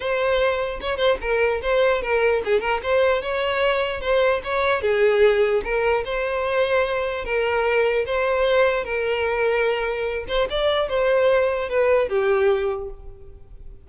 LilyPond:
\new Staff \with { instrumentName = "violin" } { \time 4/4 \tempo 4 = 149 c''2 cis''8 c''8 ais'4 | c''4 ais'4 gis'8 ais'8 c''4 | cis''2 c''4 cis''4 | gis'2 ais'4 c''4~ |
c''2 ais'2 | c''2 ais'2~ | ais'4. c''8 d''4 c''4~ | c''4 b'4 g'2 | }